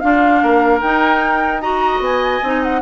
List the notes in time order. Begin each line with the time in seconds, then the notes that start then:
0.00 D4 F4 F5
0.42 A#3 A#4
0.81 D#4 G5
1.61 F#4 D#5 A#5
2.00 B3 G#5
2.43 C4 D#4
2.63 F#5